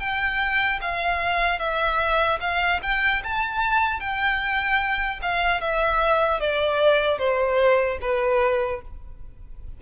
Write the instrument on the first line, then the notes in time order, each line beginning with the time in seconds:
violin
0.00 G5
0.82 F5
1.60 E5
2.41 F5
2.83 G5
3.24 A5
4.00 G5
5.23 F5
5.61 E5
6.40 D5
7.19 C5
8.01 B4